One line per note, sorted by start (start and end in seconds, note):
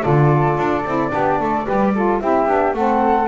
0.00 0.57 D3
0.00 0.81 F4
0.00 1.12 A4
0.00 2.19 D5
0.57 0.84 D4
0.84 1.11 C4
0.84 1.10 E4
1.10 1.40 B3
1.10 1.64 D4
1.10 1.39 G4
1.40 1.67 A3
1.40 1.66 A4
1.66 2.21 G3
1.66 1.94 G4
1.66 1.93 B4
1.94 2.21 F4
1.94 2.21 A4
2.19 2.47 C4
2.19 2.47 E4
2.19 2.76 G4
2.19 2.73 E5
2.47 2.73 B3
2.47 2.74 D4
2.73 3.27 A3
2.73 3.28 C4
2.73 3.28 A4
2.73 3.28 F#5